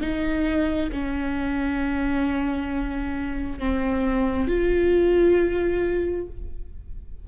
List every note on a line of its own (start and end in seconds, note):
0.00 0.90 D#4
0.92 3.59 C#4
3.59 4.47 C4
4.47 6.26 F4